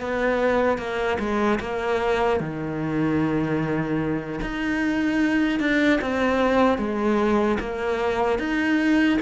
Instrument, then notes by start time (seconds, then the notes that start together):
cello
0.00 B3
0.77 A#3
1.19 G#3
1.60 A#3
2.40 D#3
4.41 D#4
5.59 D4
6.01 C4
6.78 G#3
7.59 A#3
8.38 D#4